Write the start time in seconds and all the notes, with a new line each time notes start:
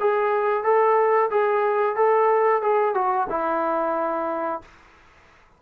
0.00 G#4
0.64 A4
1.31 G#4
1.96 A4
2.62 G#4
2.94 F#4
3.30 E4